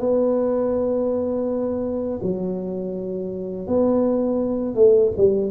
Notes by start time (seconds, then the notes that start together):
0.00 B3
2.23 F#3
3.67 B3
4.75 A3
5.17 G3